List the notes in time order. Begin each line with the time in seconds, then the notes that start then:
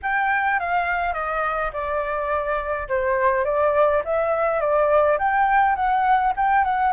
0.02 G5
0.59 F5
1.13 D#5
1.72 D5
2.88 C5
3.45 D5
4.04 E5
4.60 D5
5.18 G5
5.75 F#5
6.36 G5
6.64 F#5